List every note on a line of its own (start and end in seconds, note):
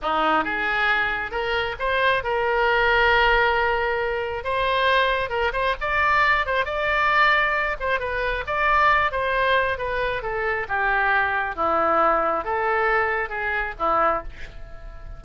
0.02 0.44 D#4
0.44 1.31 G#4
1.31 1.75 A#4
1.79 2.23 C5
2.23 4.43 A#4
4.43 5.29 C5
5.29 5.52 A#4
5.53 5.75 C5
5.80 6.45 D5
6.45 6.65 C5
6.65 7.76 D5
7.80 7.99 C5
7.99 8.43 B4
8.46 9.11 D5
9.11 9.78 C5
9.78 10.22 B4
10.22 10.66 A4
10.68 11.55 G4
11.55 12.44 E4
12.44 13.29 A4
13.29 13.73 G#4
13.78 14.23 E4